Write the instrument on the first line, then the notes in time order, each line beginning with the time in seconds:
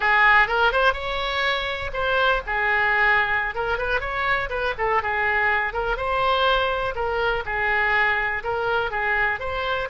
oboe
0.00 G#4
0.47 A#4
0.72 C5
0.93 C#5
1.93 C5
2.46 G#4
3.54 A#4
3.78 B4
4.00 C#5
4.49 B4
4.78 A4
5.02 G#4
5.73 A#4
5.96 C5
6.95 A#4
7.45 G#4
8.43 A#4
8.90 G#4
9.39 C5